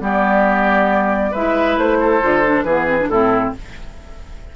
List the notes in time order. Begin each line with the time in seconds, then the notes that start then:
0.00 G3 B3 G4 D5
1.31 G#3 E4 B4 E5
1.77 A3 C5
1.99 A4
2.21 D3 F4
2.44 D4
2.63 E3 B3 G#4 B4
2.87 C4
3.00 D4
3.08 A2 C4 E4 A4